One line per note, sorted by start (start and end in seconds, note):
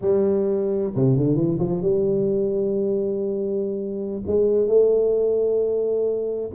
0.01 0.92 G3
0.95 1.17 C3
1.17 1.35 D3
1.35 1.58 E3
1.59 1.82 F3
1.82 4.22 G3
4.27 4.67 G#3
4.67 6.50 A3